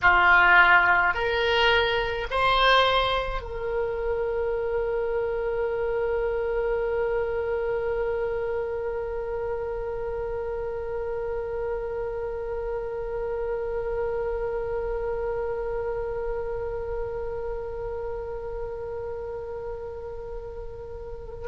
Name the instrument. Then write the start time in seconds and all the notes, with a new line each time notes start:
oboe
0.02 F4
1.13 A#4
2.30 C5
3.41 A#4